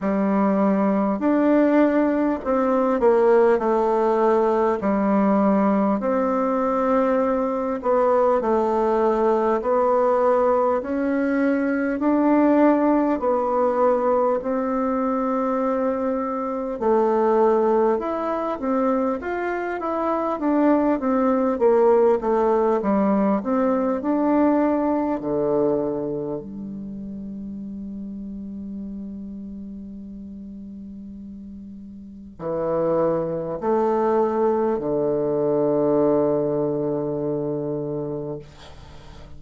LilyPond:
\new Staff \with { instrumentName = "bassoon" } { \time 4/4 \tempo 4 = 50 g4 d'4 c'8 ais8 a4 | g4 c'4. b8 a4 | b4 cis'4 d'4 b4 | c'2 a4 e'8 c'8 |
f'8 e'8 d'8 c'8 ais8 a8 g8 c'8 | d'4 d4 g2~ | g2. e4 | a4 d2. | }